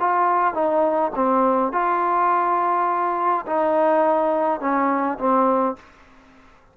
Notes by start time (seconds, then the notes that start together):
0.00 F4
0.54 D#4
1.15 C4
1.73 F4
3.46 D#4
4.60 C#4
5.19 C4